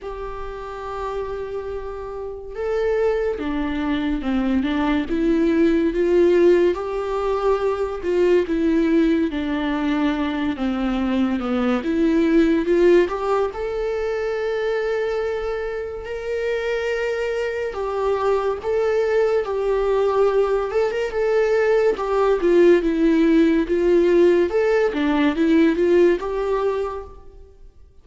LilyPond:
\new Staff \with { instrumentName = "viola" } { \time 4/4 \tempo 4 = 71 g'2. a'4 | d'4 c'8 d'8 e'4 f'4 | g'4. f'8 e'4 d'4~ | d'8 c'4 b8 e'4 f'8 g'8 |
a'2. ais'4~ | ais'4 g'4 a'4 g'4~ | g'8 a'16 ais'16 a'4 g'8 f'8 e'4 | f'4 a'8 d'8 e'8 f'8 g'4 | }